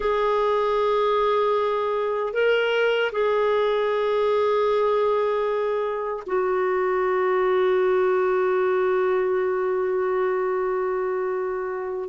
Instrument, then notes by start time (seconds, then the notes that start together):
clarinet
0.00 G#4
2.33 A#4
3.12 G#4
6.26 F#4